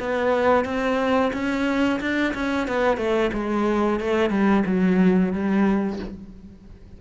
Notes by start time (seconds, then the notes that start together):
0.00 B3
0.65 C4
1.34 C#4
2.01 D4
2.35 C#4
2.68 B3
2.98 A3
3.34 G#3
4.00 A3
4.30 G3
4.66 F#3
5.33 G3